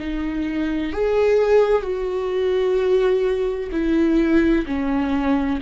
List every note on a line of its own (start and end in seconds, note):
0.00 0.93 D#4
0.93 1.83 G#4
1.83 3.70 F#4
3.72 4.66 E4
4.67 5.60 C#4